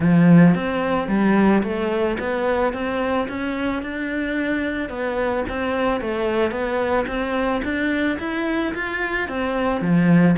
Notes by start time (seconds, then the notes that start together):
0.00 F3
0.55 C4
1.08 G3
1.63 A3
2.19 B3
2.73 C4
3.28 C#4
3.82 D4
4.89 B3
5.48 C4
6.00 A3
6.51 B3
7.07 C4
7.64 D4
8.19 E4
8.74 F4
9.28 C4
9.81 F3